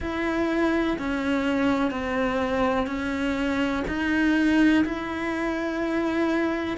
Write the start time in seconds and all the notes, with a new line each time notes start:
0.00 E4
0.98 C#4
1.90 C4
2.86 C#4
3.87 D#4
4.84 E4